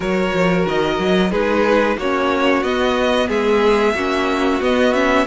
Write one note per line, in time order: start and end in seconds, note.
0.00 0.32 F#3
0.00 1.31 F#4
0.00 1.30 A#4
0.00 0.67 C#5
0.33 0.66 F3
0.68 0.98 D#3
0.68 1.31 D#5
0.98 1.31 F#3
1.30 1.97 G#3
1.30 1.97 D#4
1.30 1.96 G#4
1.30 1.97 B4
1.97 2.62 A#3
1.97 2.64 C#4
1.97 3.28 F#4
1.97 2.63 C#5
2.62 3.28 B3
2.62 3.96 B3
2.62 3.29 D#5
3.28 3.94 G#3
3.28 3.94 G#4
3.28 4.61 E5
3.94 4.60 A#3
3.94 4.61 C#4
3.94 5.26 F#4
4.61 4.93 B3
4.61 5.27 B3
4.61 4.93 D#5
4.93 5.26 C#4
4.93 5.26 E5